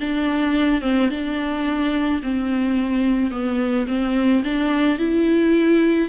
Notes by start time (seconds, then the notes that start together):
0.00 D4
0.82 C4
1.11 D4
2.23 C4
3.31 B3
3.88 C4
4.44 D4
4.99 E4